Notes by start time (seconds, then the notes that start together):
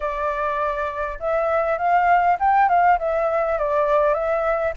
0.00 D5
1.19 E5
1.78 F5
2.39 G5
2.68 F5
2.99 E5
3.58 D5
4.14 E5